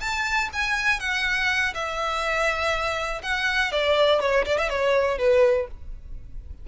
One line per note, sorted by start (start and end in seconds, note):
0.00 0.49 A5
0.53 1.00 G#5
1.00 1.73 F#5
1.74 3.21 E5
3.22 3.72 F#5
3.72 4.20 D5
4.20 4.45 C#5
4.45 4.57 D5
4.58 4.69 E5
4.69 5.18 C#5
5.18 5.67 B4